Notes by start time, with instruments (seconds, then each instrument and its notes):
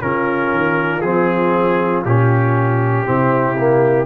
0.00 tuba C#3, trombone C#4, horn F4, trumpet A#4
0.51 tuba D#3
1.00 tuba F3, trombone C4, trumpet G#4
2.04 tuba A#2, trombone C#4, trumpet G4
3.05 tuba C3, trombone C4, horn E4
3.58 trombone A#3